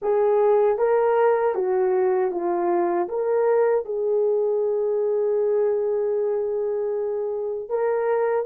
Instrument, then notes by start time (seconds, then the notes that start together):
horn
0.01 G#4
0.78 A#4
1.55 F#4
2.31 F4
3.08 A#4
3.85 G#4
7.69 A#4